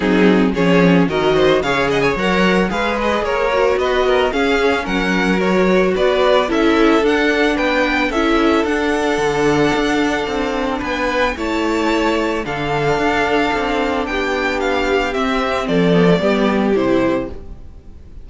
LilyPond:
<<
  \new Staff \with { instrumentName = "violin" } { \time 4/4 \tempo 4 = 111 gis'4 cis''4 dis''4 f''8 fis''16 gis''16 | fis''4 f''8 dis''8 cis''4 dis''4 | f''4 fis''4 cis''4 d''4 | e''4 fis''4 g''4 e''4 |
fis''1 | gis''4 a''2 f''4~ | f''2 g''4 f''4 | e''4 d''2 c''4 | }
  \new Staff \with { instrumentName = "violin" } { \time 4/4 dis'4 gis'4 ais'8 c''8 cis''8 dis''16 cis''16~ | cis''4 b'4 ais'4 b'8 ais'8 | gis'4 ais'2 b'4 | a'2 b'4 a'4~ |
a'1 | b'4 cis''2 a'4~ | a'2 g'2~ | g'4 a'4 g'2 | }
  \new Staff \with { instrumentName = "viola" } { \time 4/4 c'4 cis'4 fis'4 gis'4 | ais'4 gis'4. fis'4. | cis'2 fis'2 | e'4 d'2 e'4 |
d'1~ | d'4 e'2 d'4~ | d'1 | c'4. b16 a16 b4 e'4 | }
  \new Staff \with { instrumentName = "cello" } { \time 4/4 fis4 f4 dis4 cis4 | fis4 gis4 ais4 b4 | cis'4 fis2 b4 | cis'4 d'4 b4 cis'4 |
d'4 d4 d'4 c'4 | b4 a2 d4 | d'4 c'4 b2 | c'4 f4 g4 c4 | }
>>